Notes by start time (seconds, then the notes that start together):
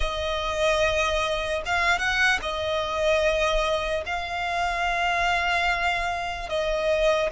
0.00 D#5
1.65 F5
1.98 F#5
2.41 D#5
4.05 F5
6.49 D#5